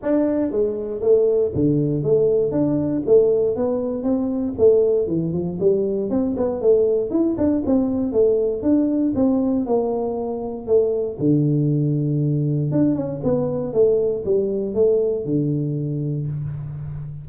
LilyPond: \new Staff \with { instrumentName = "tuba" } { \time 4/4 \tempo 4 = 118 d'4 gis4 a4 d4 | a4 d'4 a4 b4 | c'4 a4 e8 f8 g4 | c'8 b8 a4 e'8 d'8 c'4 |
a4 d'4 c'4 ais4~ | ais4 a4 d2~ | d4 d'8 cis'8 b4 a4 | g4 a4 d2 | }